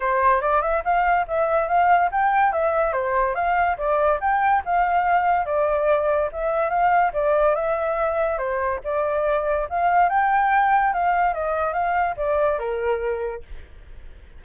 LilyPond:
\new Staff \with { instrumentName = "flute" } { \time 4/4 \tempo 4 = 143 c''4 d''8 e''8 f''4 e''4 | f''4 g''4 e''4 c''4 | f''4 d''4 g''4 f''4~ | f''4 d''2 e''4 |
f''4 d''4 e''2 | c''4 d''2 f''4 | g''2 f''4 dis''4 | f''4 d''4 ais'2 | }